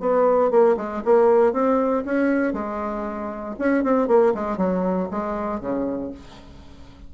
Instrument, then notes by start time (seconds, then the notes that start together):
bassoon
0.00 B3
0.51 A#3
0.77 G#3
1.05 A#3
1.53 C4
2.05 C#4
2.53 G#3
3.59 C#4
3.83 C4
4.08 A#3
4.34 G#3
4.57 F#3
5.11 G#3
5.60 C#3